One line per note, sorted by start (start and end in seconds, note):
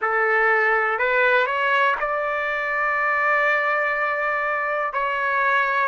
0.01 0.98 A4
0.98 1.46 B4
1.46 1.95 C#5
1.99 4.93 D5
4.93 5.88 C#5